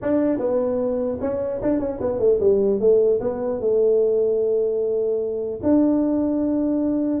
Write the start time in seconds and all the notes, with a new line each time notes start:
0.02 D4
0.39 B3
1.20 C#4
1.62 D4
1.79 C#4
2.01 B3
2.19 A3
2.40 G3
2.80 A3
3.20 B3
3.60 A3
5.63 D4